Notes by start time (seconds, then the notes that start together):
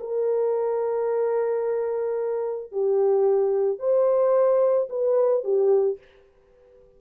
0.00 A#4
2.72 G4
3.79 C5
4.90 B4
5.44 G4